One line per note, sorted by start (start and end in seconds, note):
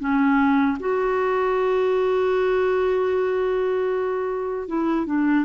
0.00 0.78 C#4
0.80 4.69 F#4
4.69 5.06 E4
5.06 5.45 D4